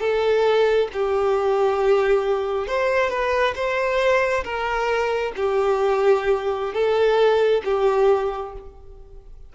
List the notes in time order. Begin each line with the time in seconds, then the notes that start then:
0.00 A4
0.93 G4
2.67 C5
3.10 B4
3.55 C5
4.44 A#4
5.36 G4
6.74 A4
7.65 G4